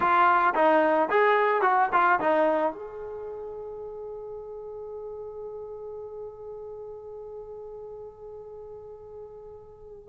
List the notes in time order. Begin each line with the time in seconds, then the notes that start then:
0.00 F4
0.54 D#4
1.09 G#4
1.61 F#4
1.92 F4
2.20 D#4
2.72 G#4